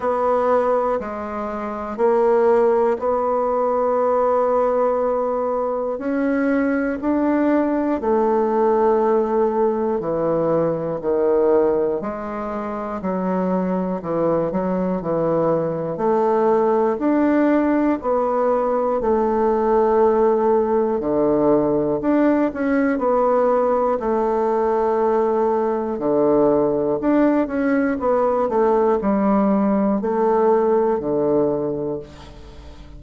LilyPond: \new Staff \with { instrumentName = "bassoon" } { \time 4/4 \tempo 4 = 60 b4 gis4 ais4 b4~ | b2 cis'4 d'4 | a2 e4 dis4 | gis4 fis4 e8 fis8 e4 |
a4 d'4 b4 a4~ | a4 d4 d'8 cis'8 b4 | a2 d4 d'8 cis'8 | b8 a8 g4 a4 d4 | }